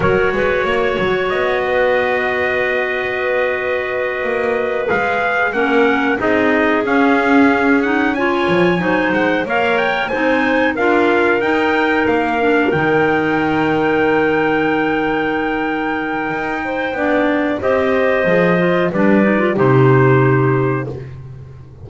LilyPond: <<
  \new Staff \with { instrumentName = "trumpet" } { \time 4/4 \tempo 4 = 92 cis''2 dis''2~ | dis''2.~ dis''8 f''8~ | f''8 fis''4 dis''4 f''4. | fis''8 gis''4. fis''8 f''8 g''8 gis''8~ |
gis''8 f''4 g''4 f''4 g''8~ | g''1~ | g''2. dis''4~ | dis''4 d''4 c''2 | }
  \new Staff \with { instrumentName = "clarinet" } { \time 4/4 ais'8 b'8 cis''4. b'4.~ | b'1~ | b'8 ais'4 gis'2~ gis'8~ | gis'8 cis''4 c''4 cis''4 c''8~ |
c''8 ais'2.~ ais'8~ | ais'1~ | ais'4. c''8 d''4 c''4~ | c''4 b'4 g'2 | }
  \new Staff \with { instrumentName = "clarinet" } { \time 4/4 fis'1~ | fis'2.~ fis'8 gis'8~ | gis'8 cis'4 dis'4 cis'4. | dis'8 f'4 dis'4 ais'4 dis'8~ |
dis'8 f'4 dis'4. d'8 dis'8~ | dis'1~ | dis'2 d'4 g'4 | gis'8 f'8 d'8 dis'16 f'16 dis'2 | }
  \new Staff \with { instrumentName = "double bass" } { \time 4/4 fis8 gis8 ais8 fis8 b2~ | b2~ b8 ais4 gis8~ | gis8 ais4 c'4 cis'4.~ | cis'4 f8 fis8 gis8 ais4 c'8~ |
c'8 d'4 dis'4 ais4 dis8~ | dis1~ | dis4 dis'4 b4 c'4 | f4 g4 c2 | }
>>